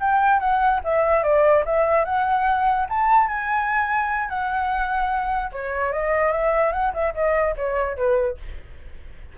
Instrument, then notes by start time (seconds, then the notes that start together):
flute
0.00 G5
0.40 F#5
0.84 E5
1.23 D5
1.65 E5
2.05 F#5
2.89 A5
3.28 G#5
4.29 F#5
5.52 C#5
5.92 D#5
6.32 E5
6.72 F#5
6.94 E5
7.15 D#5
7.56 C#5
7.97 B4